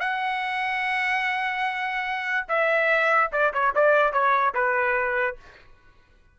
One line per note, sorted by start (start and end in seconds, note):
0.00 2.47 F#5
2.48 3.31 E5
3.33 3.53 D5
3.54 3.74 C#5
3.75 4.13 D5
4.13 4.54 C#5
4.54 5.37 B4